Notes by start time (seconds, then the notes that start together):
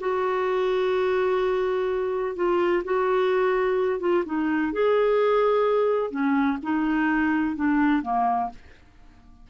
0.00 F#4
2.36 F4
2.84 F#4
4.00 F4
4.25 D#4
4.73 G#4
6.11 C#4
6.63 D#4
7.56 D4
8.03 A#3